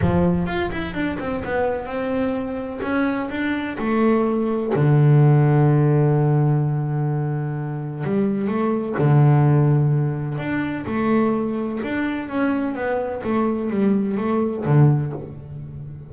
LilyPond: \new Staff \with { instrumentName = "double bass" } { \time 4/4 \tempo 4 = 127 f4 f'8 e'8 d'8 c'8 b4 | c'2 cis'4 d'4 | a2 d2~ | d1~ |
d4 g4 a4 d4~ | d2 d'4 a4~ | a4 d'4 cis'4 b4 | a4 g4 a4 d4 | }